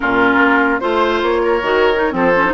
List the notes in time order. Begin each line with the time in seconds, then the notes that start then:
0.00 A#2 C#4 F4 A#4
0.37 A#3
0.79 A3 F4 C5
1.22 A#3 C#5
1.42 A#4
1.62 D#3 F#4
1.95 D#4
2.11 F3 C4 A4 C5
2.36 C#4
2.45 D#4